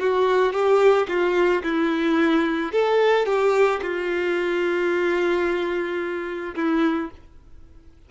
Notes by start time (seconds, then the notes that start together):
0.00 F#4
0.53 G4
1.09 F4
1.63 E4
2.73 A4
3.26 G4
3.82 F4
6.56 E4